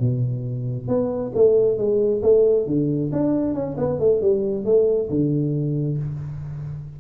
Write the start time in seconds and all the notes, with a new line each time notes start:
0.00 B2
0.88 B3
1.36 A3
1.78 G#3
2.23 A3
2.67 D3
3.13 D4
3.55 C#4
3.78 B3
4.00 A3
4.22 G3
4.65 A3
5.10 D3